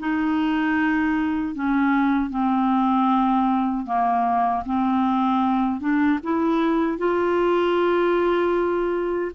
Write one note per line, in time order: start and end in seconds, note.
0.00 1.55 D#4
1.55 2.31 C#4
2.31 3.86 C4
3.86 4.64 A#3
4.66 5.81 C4
5.81 6.19 D4
6.24 6.98 E4
6.98 9.32 F4